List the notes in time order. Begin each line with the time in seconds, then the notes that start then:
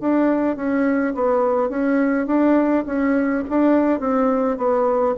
0.00 D4
0.56 C#4
1.14 B3
1.69 C#4
2.27 D4
2.86 C#4
3.50 D4
4.00 C4
4.57 B3